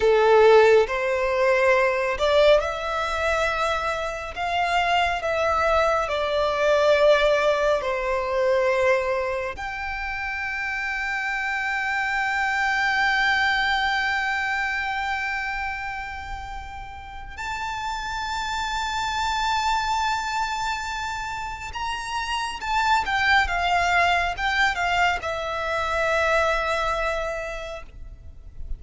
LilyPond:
\new Staff \with { instrumentName = "violin" } { \time 4/4 \tempo 4 = 69 a'4 c''4. d''8 e''4~ | e''4 f''4 e''4 d''4~ | d''4 c''2 g''4~ | g''1~ |
g''1 | a''1~ | a''4 ais''4 a''8 g''8 f''4 | g''8 f''8 e''2. | }